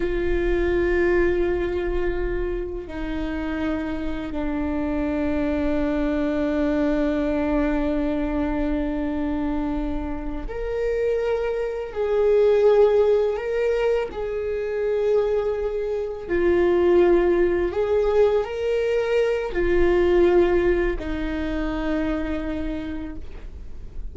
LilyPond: \new Staff \with { instrumentName = "viola" } { \time 4/4 \tempo 4 = 83 f'1 | dis'2 d'2~ | d'1~ | d'2~ d'8 ais'4.~ |
ais'8 gis'2 ais'4 gis'8~ | gis'2~ gis'8 f'4.~ | f'8 gis'4 ais'4. f'4~ | f'4 dis'2. | }